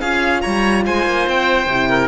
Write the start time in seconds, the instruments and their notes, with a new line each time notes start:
0.00 cello C#4, horn F4, oboe G#4, violin F5
0.41 cello G3, oboe C#5, violin A#5
0.86 cello G#3, oboe C5, violin G#5
1.05 cello A#3
1.27 cello C4, violin G5
1.66 cello C3, horn E4
1.89 oboe A#4